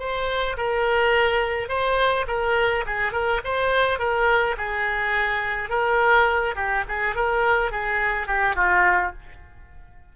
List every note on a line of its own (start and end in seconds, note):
0.00 0.57 C5
0.57 1.69 A#4
1.69 2.26 C5
2.28 2.85 A#4
2.87 3.12 G#4
3.12 3.41 A#4
3.44 3.99 C5
3.99 4.56 A#4
4.58 5.70 G#4
5.70 6.55 A#4
6.56 6.84 G4
6.88 7.16 G#4
7.16 7.72 A#4
7.72 8.27 G#4
8.27 8.56 G4
8.56 9.13 F4